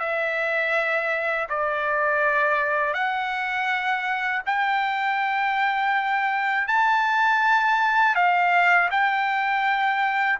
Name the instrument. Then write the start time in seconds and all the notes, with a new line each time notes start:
trumpet
0.00 E5
1.49 D5
2.94 F#5
4.46 G5
6.68 A5
8.15 F5
8.91 G5